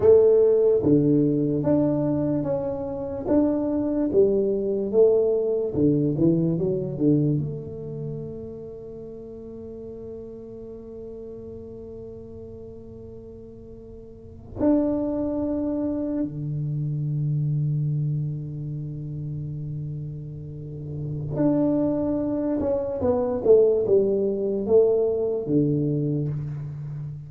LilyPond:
\new Staff \with { instrumentName = "tuba" } { \time 4/4 \tempo 4 = 73 a4 d4 d'4 cis'4 | d'4 g4 a4 d8 e8 | fis8 d8 a2.~ | a1~ |
a4.~ a16 d'2 d16~ | d1~ | d2 d'4. cis'8 | b8 a8 g4 a4 d4 | }